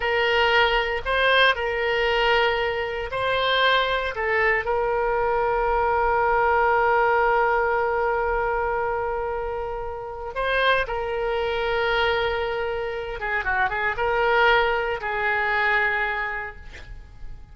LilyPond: \new Staff \with { instrumentName = "oboe" } { \time 4/4 \tempo 4 = 116 ais'2 c''4 ais'4~ | ais'2 c''2 | a'4 ais'2.~ | ais'1~ |
ais'1 | c''4 ais'2.~ | ais'4. gis'8 fis'8 gis'8 ais'4~ | ais'4 gis'2. | }